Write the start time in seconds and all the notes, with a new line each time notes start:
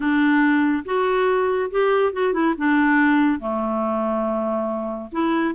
0.00 D4
0.85 F#4
1.70 G4
2.13 F#4
2.33 E4
2.57 D4
3.39 A3
5.12 E4